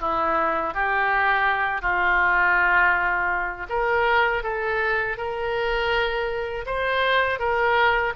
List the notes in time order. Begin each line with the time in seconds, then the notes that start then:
0.00 E4
0.73 G4
1.81 F4
3.69 A#4
4.43 A4
5.17 A#4
6.66 C5
7.39 A#4